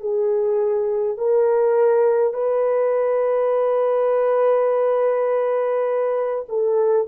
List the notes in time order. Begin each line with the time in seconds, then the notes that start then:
0.00 G#4
1.17 A#4
2.33 B4
6.49 A4